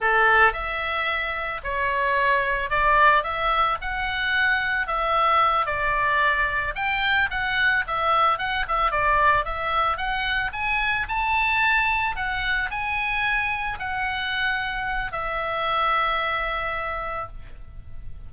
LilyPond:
\new Staff \with { instrumentName = "oboe" } { \time 4/4 \tempo 4 = 111 a'4 e''2 cis''4~ | cis''4 d''4 e''4 fis''4~ | fis''4 e''4. d''4.~ | d''8 g''4 fis''4 e''4 fis''8 |
e''8 d''4 e''4 fis''4 gis''8~ | gis''8 a''2 fis''4 gis''8~ | gis''4. fis''2~ fis''8 | e''1 | }